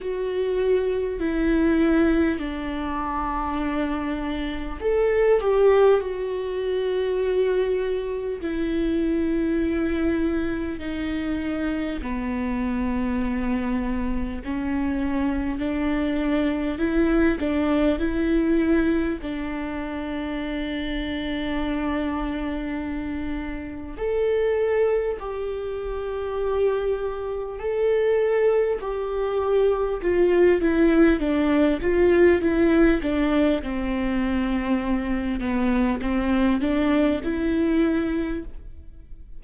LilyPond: \new Staff \with { instrumentName = "viola" } { \time 4/4 \tempo 4 = 50 fis'4 e'4 d'2 | a'8 g'8 fis'2 e'4~ | e'4 dis'4 b2 | cis'4 d'4 e'8 d'8 e'4 |
d'1 | a'4 g'2 a'4 | g'4 f'8 e'8 d'8 f'8 e'8 d'8 | c'4. b8 c'8 d'8 e'4 | }